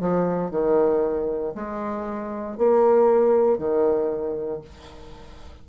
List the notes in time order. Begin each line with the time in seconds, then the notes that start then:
0.00 F3
0.51 D#3
1.55 G#3
2.58 A#3
3.58 D#3